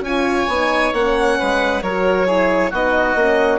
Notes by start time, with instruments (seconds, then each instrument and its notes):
0.00 bassoon C#4, horn F4, oboe C#5, violin G#5
0.47 bassoon B3, horn D#4
0.93 bassoon A#3, horn C#4, violin F#5
1.39 bassoon G#3, oboe B4
1.82 bassoon F#3, horn F#4, oboe A#4, violin C#5
2.26 horn E4, oboe G#4
2.70 bassoon B3, horn D#4, oboe F#4, violin D#5
3.15 bassoon A#3, horn C#4